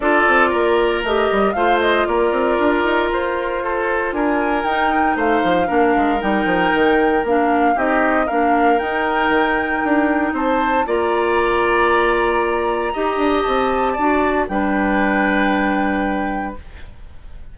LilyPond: <<
  \new Staff \with { instrumentName = "flute" } { \time 4/4 \tempo 4 = 116 d''2 dis''4 f''8 dis''8 | d''2 c''2 | gis''4 g''4 f''2 | g''2 f''4 dis''4 |
f''4 g''2. | a''4 ais''2.~ | ais''2 a''2 | g''1 | }
  \new Staff \with { instrumentName = "oboe" } { \time 4/4 a'4 ais'2 c''4 | ais'2. a'4 | ais'2 c''4 ais'4~ | ais'2. g'4 |
ais'1 | c''4 d''2.~ | d''4 dis''2 d''4 | b'1 | }
  \new Staff \with { instrumentName = "clarinet" } { \time 4/4 f'2 g'4 f'4~ | f'1~ | f'4 dis'2 d'4 | dis'2 d'4 dis'4 |
d'4 dis'2.~ | dis'4 f'2.~ | f'4 g'2 fis'4 | d'1 | }
  \new Staff \with { instrumentName = "bassoon" } { \time 4/4 d'8 c'8 ais4 a8 g8 a4 | ais8 c'8 d'8 dis'8 f'2 | d'4 dis'4 a8 f8 ais8 gis8 | g8 f8 dis4 ais4 c'4 |
ais4 dis'4 dis4 d'4 | c'4 ais2.~ | ais4 dis'8 d'8 c'4 d'4 | g1 | }
>>